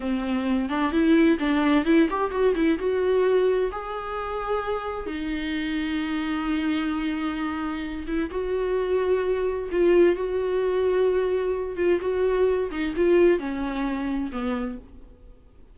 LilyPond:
\new Staff \with { instrumentName = "viola" } { \time 4/4 \tempo 4 = 130 c'4. d'8 e'4 d'4 | e'8 g'8 fis'8 e'8 fis'2 | gis'2. dis'4~ | dis'1~ |
dis'4. e'8 fis'2~ | fis'4 f'4 fis'2~ | fis'4. f'8 fis'4. dis'8 | f'4 cis'2 b4 | }